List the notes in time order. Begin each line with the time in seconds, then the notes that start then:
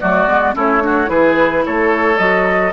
0.00 F#3 A3 F#4 D5
0.26 G#3 B3
0.54 A3 C#4 E4 C#5
0.80 D4 F#4
1.06 E3 E4 G#4 B4
1.65 A3 A4 C#5
2.18 F#3 F#4 D#5